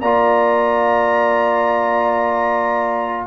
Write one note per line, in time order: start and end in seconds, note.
0.00 3.26 A#3
0.00 3.26 F4
0.00 3.26 D5
0.00 3.26 A#5